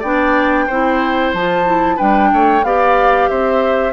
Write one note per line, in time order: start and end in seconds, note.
0.00 0.68 B3
0.00 0.69 D4
0.00 0.65 D5
0.00 1.33 G5
0.67 1.34 C4
0.67 1.36 E4
0.67 1.96 C5
1.34 1.99 F3
1.34 1.66 F4
1.34 1.99 A5
1.66 1.98 E4
1.96 2.33 G3
1.96 2.63 D4
1.96 2.29 B4
1.96 2.64 G5
2.33 2.63 A3
2.33 2.66 C#5
2.63 3.29 B3
2.63 3.93 G4
2.63 3.30 D5
2.63 3.29 F5
3.29 3.93 C4
3.29 3.93 C5
3.29 3.93 E5